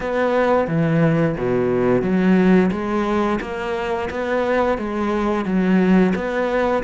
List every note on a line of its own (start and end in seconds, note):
0.00 0.67 B3
0.67 1.35 E3
1.37 2.02 B2
2.02 2.70 F#3
2.71 3.39 G#3
3.41 4.09 A#3
4.10 4.77 B3
4.77 5.45 G#3
5.45 6.13 F#3
6.15 6.83 B3